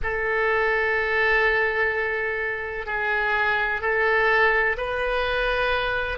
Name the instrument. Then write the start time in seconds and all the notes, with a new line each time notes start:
oboe
0.03 A4
2.86 G#4
3.81 A4
4.77 B4